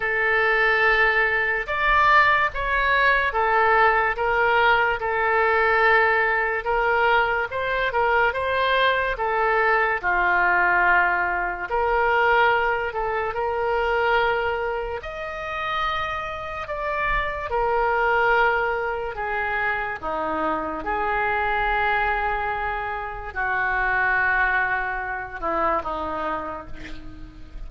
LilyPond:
\new Staff \with { instrumentName = "oboe" } { \time 4/4 \tempo 4 = 72 a'2 d''4 cis''4 | a'4 ais'4 a'2 | ais'4 c''8 ais'8 c''4 a'4 | f'2 ais'4. a'8 |
ais'2 dis''2 | d''4 ais'2 gis'4 | dis'4 gis'2. | fis'2~ fis'8 e'8 dis'4 | }